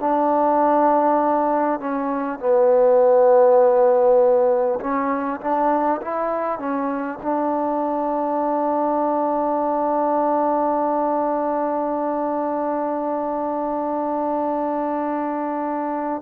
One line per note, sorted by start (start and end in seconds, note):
0.00 1.80 D4
1.80 2.39 C#4
2.39 4.79 B3
4.81 5.41 C#4
5.41 6.01 D4
6.02 6.59 E4
6.59 7.19 C#4
7.22 16.22 D4